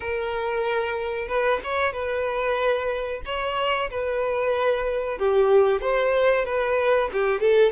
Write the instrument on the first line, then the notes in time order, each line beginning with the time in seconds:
violin
0.00 A#4
1.27 B4
1.63 C#5
1.92 B4
3.25 C#5
3.90 B4
5.18 G4
5.81 C5
6.45 B4
7.12 G4
7.40 A4